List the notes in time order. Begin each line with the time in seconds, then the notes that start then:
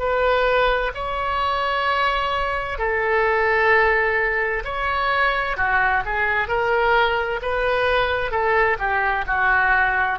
0.00 B4
0.95 C#5
2.79 A4
4.65 C#5
5.57 F#4
6.06 G#4
6.48 A#4
7.43 B4
8.32 A4
8.79 G4
9.27 F#4